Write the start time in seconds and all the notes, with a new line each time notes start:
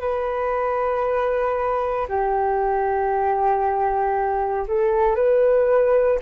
0.00 B4
2.07 G4
4.67 A4
5.15 B4